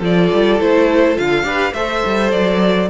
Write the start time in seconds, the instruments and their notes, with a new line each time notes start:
0.00 cello F3, viola F4, violin A4 D5
0.33 cello G3
0.60 cello A3, viola E4, violin C5
1.16 cello D3, viola F4, violin F5
1.43 cello D4, viola G4, violin B4
1.73 cello A3, viola A4, violin C5 E5
2.06 cello G3
2.31 cello F#3, violin D5